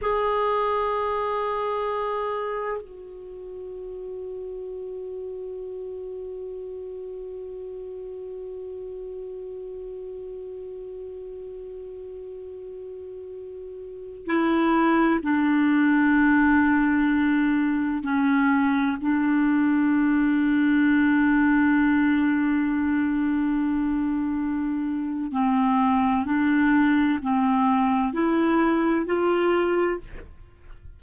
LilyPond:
\new Staff \with { instrumentName = "clarinet" } { \time 4/4 \tempo 4 = 64 gis'2. fis'4~ | fis'1~ | fis'1~ | fis'2.~ fis'16 e'8.~ |
e'16 d'2. cis'8.~ | cis'16 d'2.~ d'8.~ | d'2. c'4 | d'4 c'4 e'4 f'4 | }